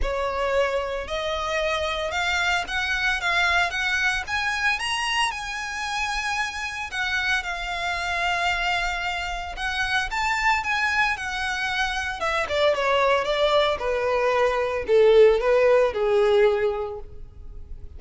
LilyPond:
\new Staff \with { instrumentName = "violin" } { \time 4/4 \tempo 4 = 113 cis''2 dis''2 | f''4 fis''4 f''4 fis''4 | gis''4 ais''4 gis''2~ | gis''4 fis''4 f''2~ |
f''2 fis''4 a''4 | gis''4 fis''2 e''8 d''8 | cis''4 d''4 b'2 | a'4 b'4 gis'2 | }